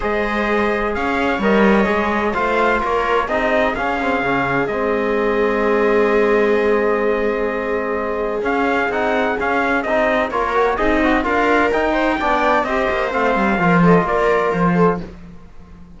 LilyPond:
<<
  \new Staff \with { instrumentName = "trumpet" } { \time 4/4 \tempo 4 = 128 dis''2 f''4 dis''4~ | dis''4 f''4 cis''4 dis''4 | f''2 dis''2~ | dis''1~ |
dis''2 f''4 fis''4 | f''4 dis''4 cis''4 dis''4 | f''4 g''2 dis''4 | f''4. dis''8 d''4 c''4 | }
  \new Staff \with { instrumentName = "viola" } { \time 4/4 c''2 cis''2~ | cis''4 c''4 ais'4 gis'4~ | gis'1~ | gis'1~ |
gis'1~ | gis'2 ais'4 dis'4 | ais'4. c''8 d''4 c''4~ | c''4 ais'8 a'8 ais'4. a'8 | }
  \new Staff \with { instrumentName = "trombone" } { \time 4/4 gis'2. ais'4 | gis'4 f'2 dis'4 | cis'8 c'8 cis'4 c'2~ | c'1~ |
c'2 cis'4 dis'4 | cis'4 dis'4 f'8 fis'8 gis'8 fis'8 | f'4 dis'4 d'4 g'4 | c'4 f'2. | }
  \new Staff \with { instrumentName = "cello" } { \time 4/4 gis2 cis'4 g4 | gis4 a4 ais4 c'4 | cis'4 cis4 gis2~ | gis1~ |
gis2 cis'4 c'4 | cis'4 c'4 ais4 c'4 | d'4 dis'4 b4 c'8 ais8 | a8 g8 f4 ais4 f4 | }
>>